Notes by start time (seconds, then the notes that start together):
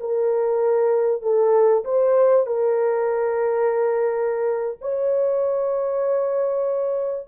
0.00 A#4
1.22 A4
1.85 C5
2.47 A#4
4.82 C#5